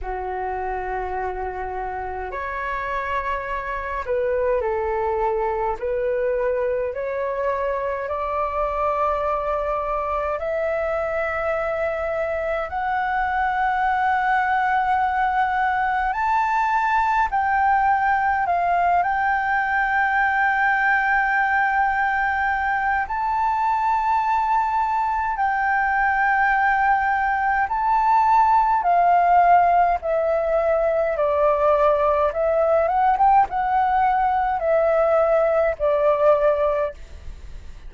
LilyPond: \new Staff \with { instrumentName = "flute" } { \time 4/4 \tempo 4 = 52 fis'2 cis''4. b'8 | a'4 b'4 cis''4 d''4~ | d''4 e''2 fis''4~ | fis''2 a''4 g''4 |
f''8 g''2.~ g''8 | a''2 g''2 | a''4 f''4 e''4 d''4 | e''8 fis''16 g''16 fis''4 e''4 d''4 | }